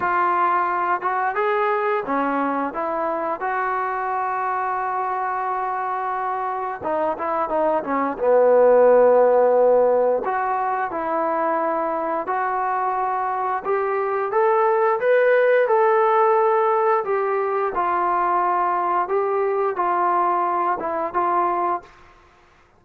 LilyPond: \new Staff \with { instrumentName = "trombone" } { \time 4/4 \tempo 4 = 88 f'4. fis'8 gis'4 cis'4 | e'4 fis'2.~ | fis'2 dis'8 e'8 dis'8 cis'8 | b2. fis'4 |
e'2 fis'2 | g'4 a'4 b'4 a'4~ | a'4 g'4 f'2 | g'4 f'4. e'8 f'4 | }